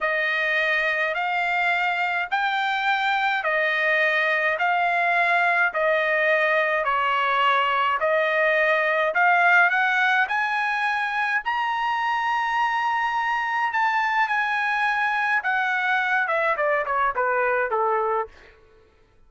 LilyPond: \new Staff \with { instrumentName = "trumpet" } { \time 4/4 \tempo 4 = 105 dis''2 f''2 | g''2 dis''2 | f''2 dis''2 | cis''2 dis''2 |
f''4 fis''4 gis''2 | ais''1 | a''4 gis''2 fis''4~ | fis''8 e''8 d''8 cis''8 b'4 a'4 | }